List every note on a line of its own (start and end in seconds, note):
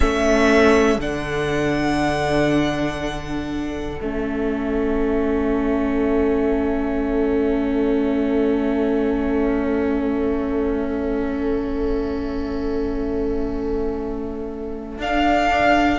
0.00 0.97 A3
0.00 0.99 C#4
0.00 15.98 A4
0.00 0.99 E5
0.97 3.98 D3
0.97 4.00 D4
0.97 4.00 F#5
4.00 14.98 A3
4.00 15.00 C#4
4.00 15.00 E5
14.98 15.98 D4
14.98 15.98 F5